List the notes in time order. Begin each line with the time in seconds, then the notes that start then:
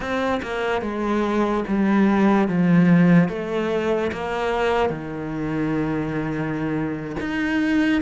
0.00 C4
0.42 A#3
0.81 G#3
1.67 G3
2.47 F3
3.29 A3
4.11 A#3
4.89 D#3
7.20 D#4